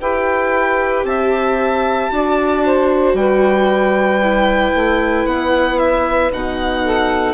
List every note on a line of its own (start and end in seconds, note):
0.00 1.04 E4
0.00 2.10 G4
0.00 1.06 B4
0.00 1.05 G5
1.04 2.09 C4
1.04 2.12 E5
1.04 3.16 A5
2.10 3.14 D4
2.10 4.21 F#4
2.10 2.65 D5
2.65 3.18 C5
3.14 4.72 G3
3.14 6.84 B4
3.14 5.26 G5
4.22 6.32 E4
4.75 5.25 A3
5.25 6.30 B3
5.25 5.79 F#5
5.79 6.31 E5
6.32 7.34 B2
6.32 7.34 D#4
6.32 7.34 F#5
6.84 7.34 A4